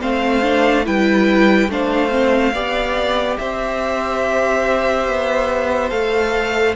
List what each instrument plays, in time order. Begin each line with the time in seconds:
0.00 cello A3, viola C4, violin C5 F5
0.42 viola D4
0.84 cello G3, viola E4, violin B4 G5
1.68 cello A3, viola D4, violin C5 F5
2.09 viola C4
2.52 cello B3, viola G4, violin D5
3.37 cello C4, violin C5 E5
5.07 cello B3
5.90 cello A3, viola A4, violin F5